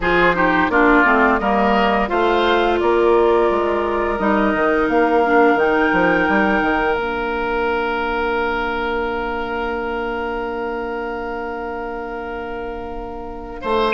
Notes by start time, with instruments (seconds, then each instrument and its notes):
0.00 bassoon F3, clarinet F4, oboe G#4, flute C5
0.34 clarinet D#4, oboe G4
0.68 bassoon A#3, clarinet D4, oboe F4, flute D5
1.04 bassoon A3, clarinet C4
1.38 bassoon G3, clarinet A#3, oboe A#4, flute D#5
2.08 bassoon A3, clarinet F4, oboe C5, flute F5
2.79 bassoon A#3, oboe A#4, flute D5
3.50 bassoon G#3
4.18 bassoon G3, clarinet D#4, flute D#5
4.53 bassoon D#3
4.88 bassoon A#3, flute F5
5.24 clarinet D4
5.54 bassoon D#3, clarinet D#4, flute G5
5.93 bassoon F3
6.28 bassoon G3
6.61 bassoon D#3
6.94 bassoon A#3, clarinet D4, flute F5
13.61 bassoon A3, oboe C5